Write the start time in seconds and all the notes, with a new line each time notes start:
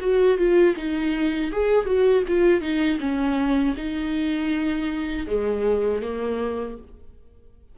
0.00 F#4
0.38 F4
0.76 D#4
1.51 G#4
1.85 F#4
2.27 F4
2.61 D#4
2.99 C#4
3.76 D#4
5.27 G#3
6.02 A#3